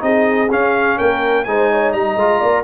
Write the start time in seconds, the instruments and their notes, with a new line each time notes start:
0.00 tuba C4, trombone D#4, horn G#4, trumpet D#5
0.51 tuba C#4, trombone C#4, trumpet F5
0.98 tuba A#3, horn A#4, trumpet G5
1.45 tuba G#3, trombone D#4, horn C5, trumpet G#5
1.72 horn C#5
1.93 tuba G3, horn D#5, trumpet A#5
2.16 tuba G#3, trombone F4
2.40 tuba A#3, horn D5